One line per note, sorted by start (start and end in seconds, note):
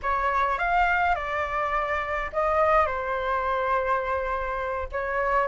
0.02 0.58 C#5
0.58 1.15 F5
1.15 2.30 D5
2.33 2.86 D#5
2.86 4.88 C5
4.92 5.47 C#5